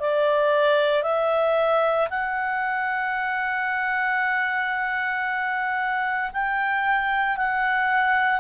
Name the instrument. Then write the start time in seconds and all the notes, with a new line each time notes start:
clarinet
0.00 D5
1.03 E5
2.10 F#5
6.33 G5
7.37 F#5